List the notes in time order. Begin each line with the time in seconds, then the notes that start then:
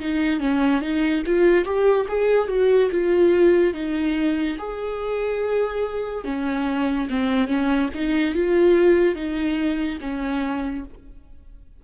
0.00 D#4
0.41 C#4
0.81 D#4
1.27 F4
1.65 G4
2.09 G#4
2.48 F#4
2.92 F4
3.74 D#4
4.59 G#4
6.25 C#4
7.10 C4
7.48 C#4
7.95 D#4
8.34 F4
9.16 D#4
10.01 C#4